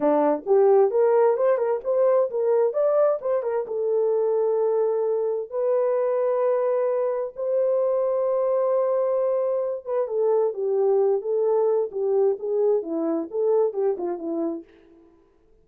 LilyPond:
\new Staff \with { instrumentName = "horn" } { \time 4/4 \tempo 4 = 131 d'4 g'4 ais'4 c''8 ais'8 | c''4 ais'4 d''4 c''8 ais'8 | a'1 | b'1 |
c''1~ | c''4. b'8 a'4 g'4~ | g'8 a'4. g'4 gis'4 | e'4 a'4 g'8 f'8 e'4 | }